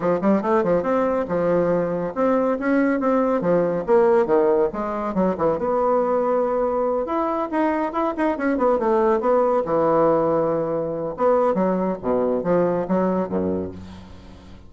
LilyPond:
\new Staff \with { instrumentName = "bassoon" } { \time 4/4 \tempo 4 = 140 f8 g8 a8 f8 c'4 f4~ | f4 c'4 cis'4 c'4 | f4 ais4 dis4 gis4 | fis8 e8 b2.~ |
b8 e'4 dis'4 e'8 dis'8 cis'8 | b8 a4 b4 e4.~ | e2 b4 fis4 | b,4 f4 fis4 fis,4 | }